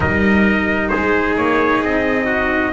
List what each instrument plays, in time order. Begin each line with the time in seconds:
0.00 double bass G3, cello D#4, trumpet A#4 D#5
0.88 double bass G#3, trumpet G#4 C5
1.36 double bass A#3, trumpet C#5
1.81 double bass C4, trumpet D#5
2.25 trumpet F#4